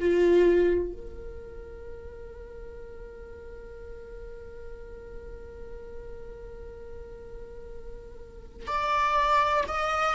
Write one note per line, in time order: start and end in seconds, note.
0.00 0.93 F4
0.93 8.67 A#4
8.67 9.64 D5
9.68 10.15 D#5